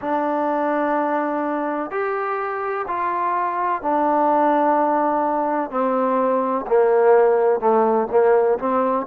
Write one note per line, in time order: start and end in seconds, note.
0.01 1.90 D4
1.90 2.86 G4
2.87 3.82 F4
3.82 5.70 D4
5.70 6.65 C4
6.66 7.59 A#3
7.59 8.07 A3
8.10 8.58 A#3
8.58 9.06 C4